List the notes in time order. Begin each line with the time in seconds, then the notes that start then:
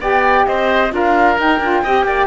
0.00 B3 G4 D5 G5
0.46 C4 C5 D#5
0.89 D4 F4 A#4 F5
1.37 D#4 G5
1.59 D4 F4
1.83 C4 G4 D#5
2.04 A#3 D5